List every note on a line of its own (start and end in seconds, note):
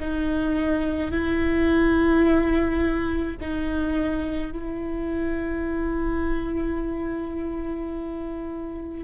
0.00 1.11 D#4
1.11 3.38 E4
3.41 4.52 D#4
4.52 9.04 E4